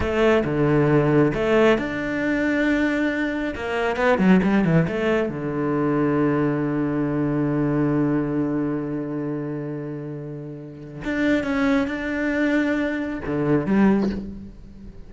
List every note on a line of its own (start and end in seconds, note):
0.00 0.43 A3
0.44 1.32 D3
1.34 1.78 A3
1.78 3.54 D4
3.55 3.96 A#3
3.96 4.18 B3
4.18 4.40 F#3
4.43 4.64 G3
4.64 4.86 E3
4.87 5.29 A3
5.29 11.03 D3
11.04 11.43 D4
11.43 11.87 C#4
11.87 13.19 D4
13.26 13.65 D3
13.65 14.10 G3